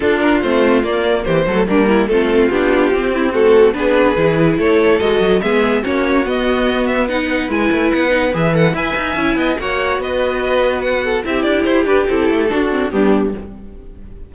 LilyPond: <<
  \new Staff \with { instrumentName = "violin" } { \time 4/4 \tempo 4 = 144 a'8 ais'8 c''4 d''4 c''4 | ais'4 a'4 g'2 | a'4 b'2 cis''4 | dis''4 e''4 cis''4 dis''4~ |
dis''8 e''8 fis''4 gis''4 fis''4 | e''8 fis''8 gis''2 fis''4 | dis''2 fis''4 e''8 d''8 | c''8 b'8 a'2 g'4 | }
  \new Staff \with { instrumentName = "violin" } { \time 4/4 f'2. g'8 a'8 | d'8 e'8 f'2~ f'8 e'8 | fis'4 gis'2 a'4~ | a'4 gis'4 fis'2~ |
fis'4 b'2.~ | b'4 e''4. dis''8 cis''4 | b'2~ b'8 a'8 g'4~ | g'2 fis'4 d'4 | }
  \new Staff \with { instrumentName = "viola" } { \time 4/4 d'4 c'4 ais4. a8 | ais4 c'4 d'4 c'4 | a4 d'4 e'2 | fis'4 b4 cis'4 b4~ |
b4 dis'4 e'4. dis'8 | gis'8 a'8 b'4 e'4 fis'4~ | fis'2. e'4~ | e'8 g'8 e'4 d'8 c'8 b4 | }
  \new Staff \with { instrumentName = "cello" } { \time 4/4 d'4 a4 ais4 e8 fis8 | g4 a4 b4 c'4~ | c'4 b4 e4 a4 | gis8 fis8 gis4 ais4 b4~ |
b2 gis8 a8 b4 | e4 e'8 dis'8 cis'8 b8 ais4 | b2. c'8 d'8 | e'8 d'8 c'8 a8 d'4 g4 | }
>>